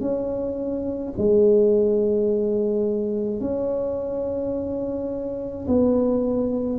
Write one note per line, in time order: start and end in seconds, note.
0.00 1.13 C#4
1.17 3.40 G#3
3.40 5.67 C#4
5.67 6.79 B3